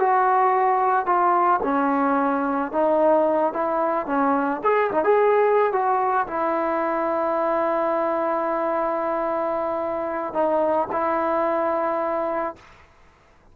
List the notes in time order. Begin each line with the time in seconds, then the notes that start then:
0.00 F#4
1.06 F4
1.64 C#4
2.72 D#4
3.54 E4
4.07 C#4
4.64 G#4
4.92 D#4
5.05 G#4
5.73 F#4
6.28 E4
10.34 D#4
10.93 E4